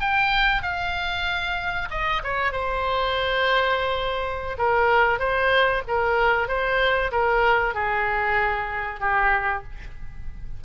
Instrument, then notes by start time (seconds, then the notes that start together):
oboe
0.00 G5
0.62 F5
1.90 D#5
2.23 C#5
2.51 C5
4.58 A#4
5.19 C5
5.87 A#4
6.48 C5
7.11 A#4
7.74 G#4
9.00 G4